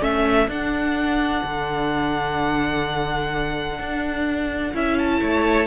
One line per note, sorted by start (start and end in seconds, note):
0.00 0.47 A3
0.00 0.47 C#4
0.00 5.20 A4
0.00 0.50 E5
0.47 1.42 D4
0.47 4.74 D4
0.47 4.76 F#5
1.44 3.79 D3
3.79 4.73 D4
4.73 5.21 C#4
4.73 5.66 E4
4.73 4.98 E5
4.98 5.66 A5
5.20 5.66 A3
5.20 5.66 C#5